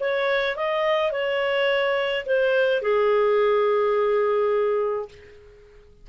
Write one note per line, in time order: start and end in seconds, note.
0.00 0.56 C#5
0.56 1.12 D#5
1.12 2.25 C#5
2.26 2.82 C5
2.82 5.09 G#4